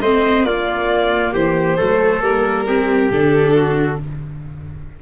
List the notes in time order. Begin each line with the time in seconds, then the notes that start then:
0.00 A3 C4 C5 D#5
0.44 A#3 F4 D5
1.33 E3 G4 C5
1.77 F#3 A3 A4
2.20 G3 A#3 A#4
2.67 C4 G4
3.11 D3 D4 A4
3.55 F#4